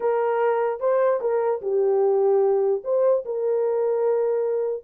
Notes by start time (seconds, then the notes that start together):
0.00 A#4
0.80 C5
1.20 A#4
1.61 G4
2.84 C5
3.25 A#4